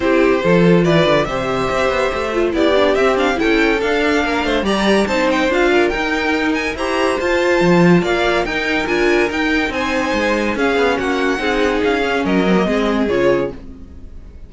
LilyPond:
<<
  \new Staff \with { instrumentName = "violin" } { \time 4/4 \tempo 4 = 142 c''2 d''4 e''4~ | e''2 d''4 e''8 f''8 | g''4 f''2 ais''4 | a''8 g''8 f''4 g''4. gis''8 |
ais''4 a''2 f''4 | g''4 gis''4 g''4 gis''4~ | gis''4 f''4 fis''2 | f''4 dis''2 cis''4 | }
  \new Staff \with { instrumentName = "violin" } { \time 4/4 g'4 a'4 b'4 c''4~ | c''2 g'2 | a'2 ais'8 c''8 d''4 | c''4. ais'2~ ais'8 |
c''2. d''4 | ais'2. c''4~ | c''4 gis'4 fis'4 gis'4~ | gis'4 ais'4 gis'2 | }
  \new Staff \with { instrumentName = "viola" } { \time 4/4 e'4 f'2 g'4~ | g'4. f'8 e'8 d'8 c'8 d'8 | e'4 d'2 g'4 | dis'4 f'4 dis'2 |
g'4 f'2. | dis'4 f'4 dis'2~ | dis'4 cis'2 dis'4~ | dis'8 cis'4 c'16 ais16 c'4 f'4 | }
  \new Staff \with { instrumentName = "cello" } { \time 4/4 c'4 f4 e8 d8 c4 | c'8 b8 a4 b4 c'4 | cis'4 d'4 ais8 a8 g4 | c'4 d'4 dis'2 |
e'4 f'4 f4 ais4 | dis'4 d'4 dis'4 c'4 | gis4 cis'8 b8 ais4 c'4 | cis'4 fis4 gis4 cis4 | }
>>